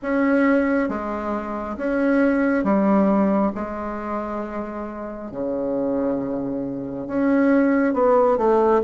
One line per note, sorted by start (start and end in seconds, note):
0.02 0.88 C#4
0.88 1.76 G#3
1.76 2.64 C#4
2.64 3.52 G3
3.55 5.31 G#3
5.31 7.07 C#3
7.07 7.93 C#4
7.93 8.37 B3
8.37 8.81 A3